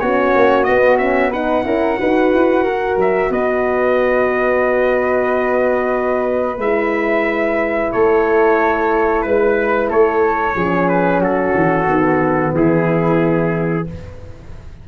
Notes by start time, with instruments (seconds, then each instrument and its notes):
0.00 tuba B3, horn C#4, flute F#4, trumpet C#5
0.36 tuba A#3
0.64 horn B3, tuba B3, trumpet D#5
0.98 horn C#4, trumpet E5
1.30 horn D#4, flute B4, trumpet F#5
1.64 tuba C#4, horn E4, flute A#4
1.97 tuba D#4, horn F#4, flute B4
2.33 tuba E4
2.64 tuba F#4, flute A#4
2.97 tuba F#3, trumpet E5
3.30 tuba B3, flute B4, trumpet D#5
6.58 tuba G#3, horn E4, trumpet E5
7.92 tuba A3, flute A4, trumpet C#5
9.22 tuba G#3, trumpet B4, flute B4
9.89 tuba A3, flute A4, trumpet C#5
10.55 tuba F3, horn C#4, flute G#4
10.89 trumpet B4
11.19 tuba F#3, flute F#4, trumpet A4
11.55 tuba E3
11.86 tuba D#3, horn B3
12.53 tuba E3, flute E4, trumpet G#4